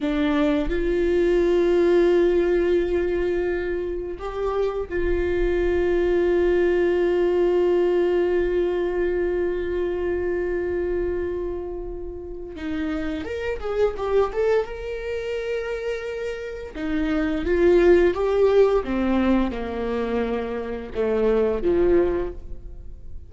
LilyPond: \new Staff \with { instrumentName = "viola" } { \time 4/4 \tempo 4 = 86 d'4 f'2.~ | f'2 g'4 f'4~ | f'1~ | f'1~ |
f'2 dis'4 ais'8 gis'8 | g'8 a'8 ais'2. | dis'4 f'4 g'4 c'4 | ais2 a4 f4 | }